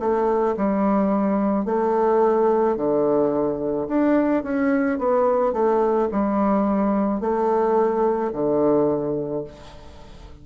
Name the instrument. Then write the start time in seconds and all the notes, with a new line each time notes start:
bassoon
0.00 A3
0.58 G3
1.66 A3
2.77 D3
3.89 D4
4.44 C#4
4.99 B3
5.53 A3
6.12 G3
7.21 A3
8.33 D3